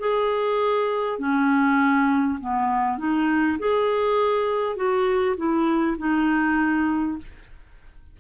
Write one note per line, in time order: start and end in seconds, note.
0.00 1.19 G#4
1.19 2.39 C#4
2.41 2.99 B3
2.99 3.59 D#4
3.59 4.76 G#4
4.76 5.36 F#4
5.37 5.97 E4
5.98 7.18 D#4